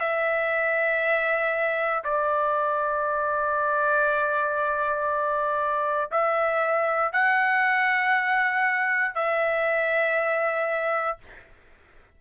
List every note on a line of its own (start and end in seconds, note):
0.00 2.03 E5
2.04 6.11 D5
6.11 7.12 E5
7.12 9.15 F#5
9.15 11.18 E5